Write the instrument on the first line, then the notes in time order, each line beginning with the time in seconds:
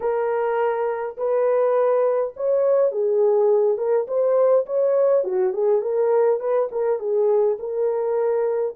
horn
0.00 A#4
1.17 B4
2.36 C#5
2.91 G#4
3.77 A#4
4.07 C5
4.65 C#5
5.24 F#4
5.53 G#4
5.81 A#4
6.39 B4
6.71 A#4
6.99 G#4
7.59 A#4